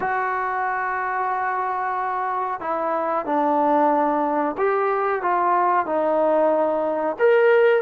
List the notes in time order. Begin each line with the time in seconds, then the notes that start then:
0.00 F#4
2.60 E4
3.25 D4
4.57 G4
5.22 F4
5.85 D#4
7.18 A#4